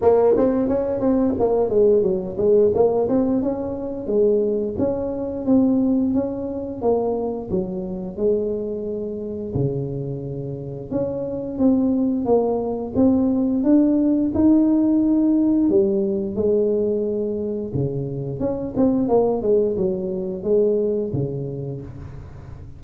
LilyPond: \new Staff \with { instrumentName = "tuba" } { \time 4/4 \tempo 4 = 88 ais8 c'8 cis'8 c'8 ais8 gis8 fis8 gis8 | ais8 c'8 cis'4 gis4 cis'4 | c'4 cis'4 ais4 fis4 | gis2 cis2 |
cis'4 c'4 ais4 c'4 | d'4 dis'2 g4 | gis2 cis4 cis'8 c'8 | ais8 gis8 fis4 gis4 cis4 | }